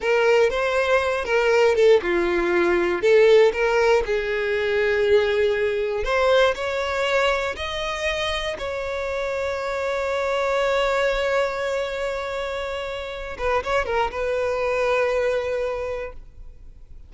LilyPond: \new Staff \with { instrumentName = "violin" } { \time 4/4 \tempo 4 = 119 ais'4 c''4. ais'4 a'8 | f'2 a'4 ais'4 | gis'1 | c''4 cis''2 dis''4~ |
dis''4 cis''2.~ | cis''1~ | cis''2~ cis''8 b'8 cis''8 ais'8 | b'1 | }